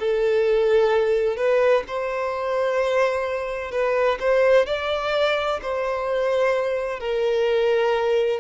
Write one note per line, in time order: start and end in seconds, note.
0.00 1.37 A4
1.37 1.84 B4
1.87 3.72 C5
3.72 4.18 B4
4.20 4.67 C5
4.67 5.60 D5
5.62 7.00 C5
7.00 8.40 A#4